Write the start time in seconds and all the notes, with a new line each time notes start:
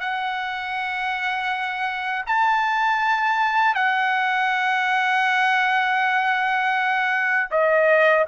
0.00 F#5
2.26 A5
3.75 F#5
7.51 D#5